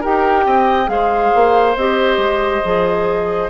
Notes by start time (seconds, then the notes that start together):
0.00 D#4 G4 A#4 G5
0.46 C4 D#5
0.86 G#3 G#4 C5 F5
1.34 A#3
1.76 C4 G4 D#5
2.17 G#3
2.63 F3 G#4